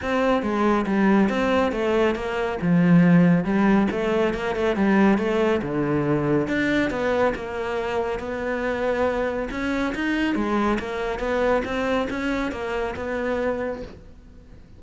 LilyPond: \new Staff \with { instrumentName = "cello" } { \time 4/4 \tempo 4 = 139 c'4 gis4 g4 c'4 | a4 ais4 f2 | g4 a4 ais8 a8 g4 | a4 d2 d'4 |
b4 ais2 b4~ | b2 cis'4 dis'4 | gis4 ais4 b4 c'4 | cis'4 ais4 b2 | }